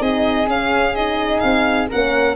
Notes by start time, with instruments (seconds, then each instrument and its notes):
0.00 tuba C4, horn D#4, flute G#4, violin D#5
0.47 horn C#4, tuba C#4, violin F5
0.95 horn D#4, violin D#5
1.40 tuba C4, violin F5
1.88 tuba A#3, horn C#4, flute A#4, violin F#5